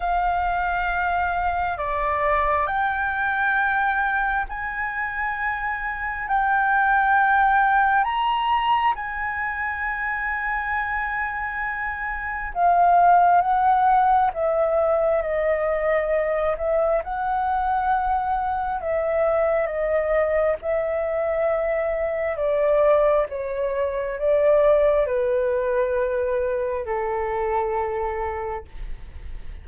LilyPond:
\new Staff \with { instrumentName = "flute" } { \time 4/4 \tempo 4 = 67 f''2 d''4 g''4~ | g''4 gis''2 g''4~ | g''4 ais''4 gis''2~ | gis''2 f''4 fis''4 |
e''4 dis''4. e''8 fis''4~ | fis''4 e''4 dis''4 e''4~ | e''4 d''4 cis''4 d''4 | b'2 a'2 | }